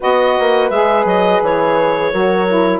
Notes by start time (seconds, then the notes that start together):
0.00 B3 F#4 B4 D#5
0.39 A#3
0.69 G#3 G#4 E5
1.04 F#3 D#5
1.42 E3 C#5
2.11 F#3 F#4 A#4
2.47 E4